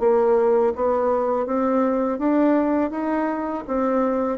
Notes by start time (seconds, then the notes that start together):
0.00 A#3
0.75 B3
1.46 C4
2.19 D4
2.91 D#4
3.68 C4